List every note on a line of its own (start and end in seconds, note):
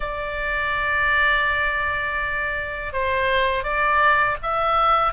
0.00 2.93 D5
2.93 3.63 C5
3.63 4.36 D5
4.42 5.13 E5